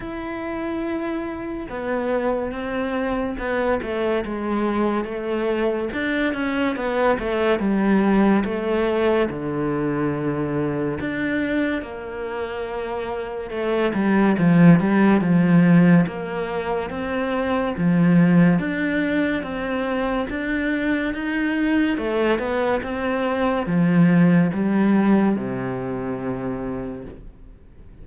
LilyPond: \new Staff \with { instrumentName = "cello" } { \time 4/4 \tempo 4 = 71 e'2 b4 c'4 | b8 a8 gis4 a4 d'8 cis'8 | b8 a8 g4 a4 d4~ | d4 d'4 ais2 |
a8 g8 f8 g8 f4 ais4 | c'4 f4 d'4 c'4 | d'4 dis'4 a8 b8 c'4 | f4 g4 c2 | }